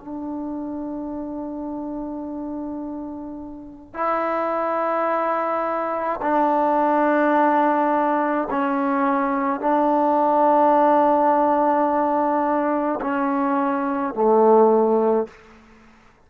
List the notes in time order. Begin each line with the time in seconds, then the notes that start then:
0.00 D4
3.94 E4
6.22 D4
8.51 C#4
9.61 D4
13.01 C#4
14.15 A3